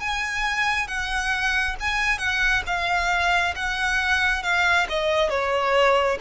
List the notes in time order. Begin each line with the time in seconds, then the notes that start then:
0.00 G#5
0.87 F#5
1.80 G#5
2.19 F#5
2.66 F5
3.56 F#5
4.43 F5
4.89 D#5
5.30 C#5